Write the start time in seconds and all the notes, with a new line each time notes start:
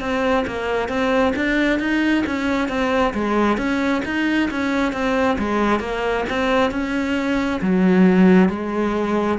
0.00 C4
0.47 A#3
0.88 C4
1.35 D4
1.79 D#4
2.26 C#4
2.68 C4
3.13 G#3
3.57 C#4
4.05 D#4
4.50 C#4
4.93 C4
5.38 G#3
5.80 A#3
6.29 C4
6.70 C#4
7.61 F#3
8.49 G#3